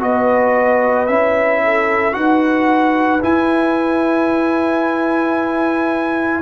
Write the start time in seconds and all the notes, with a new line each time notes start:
0.00 B3 F#4 B4 D#5
1.07 C#4 E4 E5
1.64 A4
2.12 D#4 F#4 B4 F#5
3.22 E4 G#5